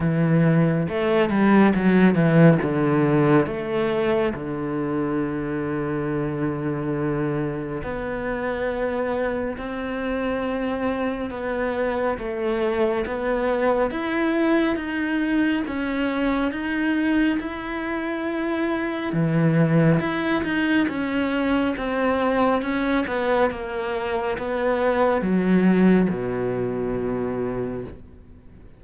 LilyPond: \new Staff \with { instrumentName = "cello" } { \time 4/4 \tempo 4 = 69 e4 a8 g8 fis8 e8 d4 | a4 d2.~ | d4 b2 c'4~ | c'4 b4 a4 b4 |
e'4 dis'4 cis'4 dis'4 | e'2 e4 e'8 dis'8 | cis'4 c'4 cis'8 b8 ais4 | b4 fis4 b,2 | }